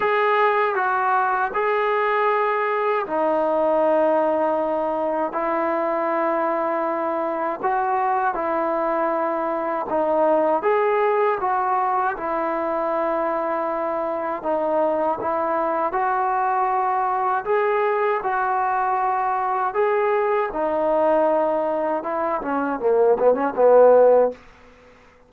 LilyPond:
\new Staff \with { instrumentName = "trombone" } { \time 4/4 \tempo 4 = 79 gis'4 fis'4 gis'2 | dis'2. e'4~ | e'2 fis'4 e'4~ | e'4 dis'4 gis'4 fis'4 |
e'2. dis'4 | e'4 fis'2 gis'4 | fis'2 gis'4 dis'4~ | dis'4 e'8 cis'8 ais8 b16 cis'16 b4 | }